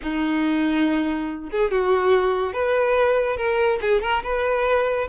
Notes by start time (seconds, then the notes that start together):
0.02 D#4
1.51 G#4
1.71 F#4
2.53 B4
3.36 A#4
3.81 G#4
4.01 A#4
4.23 B4